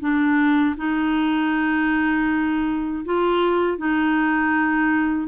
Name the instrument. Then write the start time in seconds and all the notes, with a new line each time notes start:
clarinet
0.00 D4
0.77 D#4
3.06 F4
3.78 D#4